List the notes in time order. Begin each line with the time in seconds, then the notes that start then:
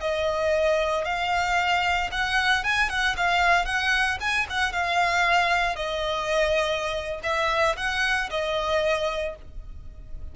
0.00 D#5
1.04 F5
2.11 F#5
2.63 G#5
2.89 F#5
3.16 F5
3.65 F#5
4.20 G#5
4.49 F#5
4.72 F5
5.75 D#5
7.23 E5
7.77 F#5
8.30 D#5